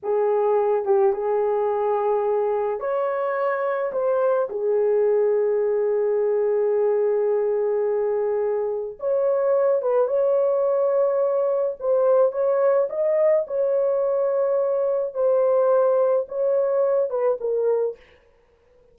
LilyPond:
\new Staff \with { instrumentName = "horn" } { \time 4/4 \tempo 4 = 107 gis'4. g'8 gis'2~ | gis'4 cis''2 c''4 | gis'1~ | gis'1 |
cis''4. b'8 cis''2~ | cis''4 c''4 cis''4 dis''4 | cis''2. c''4~ | c''4 cis''4. b'8 ais'4 | }